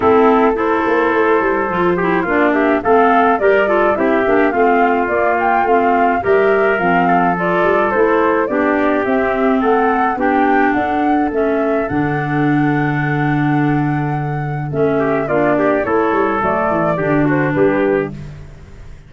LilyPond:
<<
  \new Staff \with { instrumentName = "flute" } { \time 4/4 \tempo 4 = 106 a'4 c''2. | d''8 e''8 f''4 d''4 e''4 | f''4 d''8 g''8 f''4 e''4 | f''4 d''4 c''4 d''4 |
e''4 fis''4 g''4 fis''4 | e''4 fis''2.~ | fis''2 e''4 d''4 | cis''4 d''4. c''8 b'4 | }
  \new Staff \with { instrumentName = "trumpet" } { \time 4/4 e'4 a'2~ a'8 g'8 | f'8 g'8 a'4 ais'8 a'8 g'4 | f'2. ais'4~ | ais'8 a'2~ a'8 g'4~ |
g'4 a'4 g'4 a'4~ | a'1~ | a'2~ a'8 g'8 f'8 g'8 | a'2 g'8 fis'8 g'4 | }
  \new Staff \with { instrumentName = "clarinet" } { \time 4/4 c'4 e'2 f'8 e'8 | d'4 c'4 g'8 f'8 e'8 d'8 | c'4 ais4 c'4 g'4 | c'4 f'4 e'4 d'4 |
c'2 d'2 | cis'4 d'2.~ | d'2 cis'4 d'4 | e'4 a4 d'2 | }
  \new Staff \with { instrumentName = "tuba" } { \time 4/4 a4. ais8 a8 g8 f4 | ais4 a4 g4 c'8 ais8 | a4 ais4 a4 g4 | f4. g8 a4 b4 |
c'4 a4 b4 d'4 | a4 d2.~ | d2 a4 ais4 | a8 g8 fis8 e8 d4 g4 | }
>>